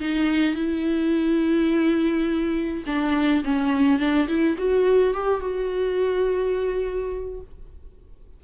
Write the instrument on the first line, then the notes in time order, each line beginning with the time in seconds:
viola
0.00 D#4
0.56 E4
2.86 D4
3.44 C#4
3.99 D4
4.28 E4
4.58 F#4
5.14 G4
5.41 F#4